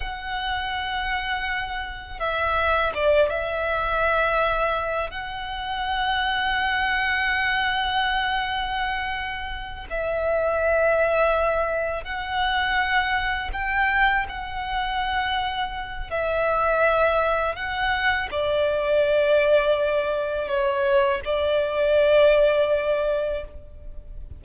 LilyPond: \new Staff \with { instrumentName = "violin" } { \time 4/4 \tempo 4 = 82 fis''2. e''4 | d''8 e''2~ e''8 fis''4~ | fis''1~ | fis''4. e''2~ e''8~ |
e''8 fis''2 g''4 fis''8~ | fis''2 e''2 | fis''4 d''2. | cis''4 d''2. | }